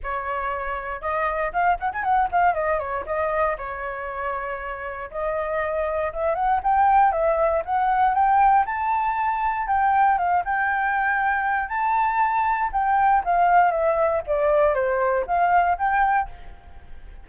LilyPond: \new Staff \with { instrumentName = "flute" } { \time 4/4 \tempo 4 = 118 cis''2 dis''4 f''8 fis''16 gis''16 | fis''8 f''8 dis''8 cis''8 dis''4 cis''4~ | cis''2 dis''2 | e''8 fis''8 g''4 e''4 fis''4 |
g''4 a''2 g''4 | f''8 g''2~ g''8 a''4~ | a''4 g''4 f''4 e''4 | d''4 c''4 f''4 g''4 | }